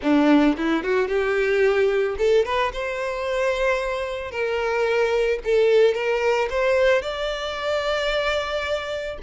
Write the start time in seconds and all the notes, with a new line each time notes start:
0.02 D4
0.57 E4
0.83 F#4
1.08 G4
2.18 A4
2.45 B4
2.72 C5
4.31 A#4
5.44 A4
5.94 A#4
6.50 C5
7.01 D5